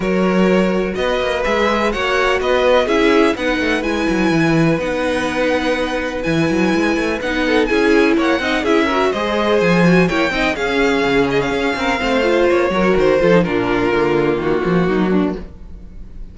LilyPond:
<<
  \new Staff \with { instrumentName = "violin" } { \time 4/4 \tempo 4 = 125 cis''2 dis''4 e''4 | fis''4 dis''4 e''4 fis''4 | gis''2 fis''2~ | fis''4 gis''2 fis''4 |
gis''4 fis''4 e''4 dis''4 | gis''4 g''4 f''4. dis''16 f''16~ | f''2 cis''4 c''4 | ais'2 fis'2 | }
  \new Staff \with { instrumentName = "violin" } { \time 4/4 ais'2 b'2 | cis''4 b'4 gis'4 b'4~ | b'1~ | b'2.~ b'8 a'8 |
gis'4 cis''8 dis''8 gis'8 ais'8 c''4~ | c''4 cis''8 dis''8 gis'2~ | gis'8 ais'8 c''4. ais'4 a'8 | f'2. dis'8 d'8 | }
  \new Staff \with { instrumentName = "viola" } { \time 4/4 fis'2. gis'4 | fis'2 e'4 dis'4 | e'2 dis'2~ | dis'4 e'2 dis'4 |
e'4. dis'8 e'8 fis'8 gis'4~ | gis'8 fis'8 e'8 dis'8 cis'2~ | cis'4 c'8 f'4 fis'4 f'16 dis'16 | d'4 ais2. | }
  \new Staff \with { instrumentName = "cello" } { \time 4/4 fis2 b8 ais8 gis4 | ais4 b4 cis'4 b8 a8 | gis8 fis8 e4 b2~ | b4 e8 fis8 gis8 a8 b4 |
cis'4 ais8 c'8 cis'4 gis4 | f4 ais8 c'8 cis'4 cis4 | cis'8 c'8 a4 ais8 fis8 dis8 f8 | ais,4 d4 dis8 f8 fis4 | }
>>